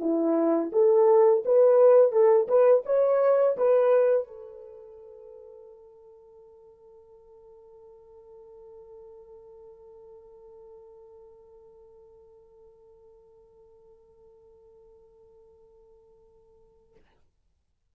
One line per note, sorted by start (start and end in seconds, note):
0.00 0.71 E4
0.73 1.44 A4
1.45 2.12 B4
2.12 2.48 A4
2.48 2.84 B4
2.86 3.57 C#5
3.57 4.28 B4
4.28 16.96 A4